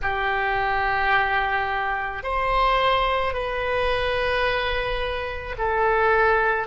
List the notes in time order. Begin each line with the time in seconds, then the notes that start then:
0.02 G4
2.23 C5
3.33 B4
5.58 A4